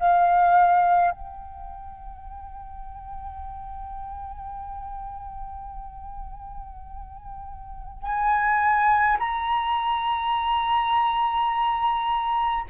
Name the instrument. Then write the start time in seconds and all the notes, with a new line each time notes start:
flute
0.00 F5
1.11 G5
8.03 G#5
9.19 A#5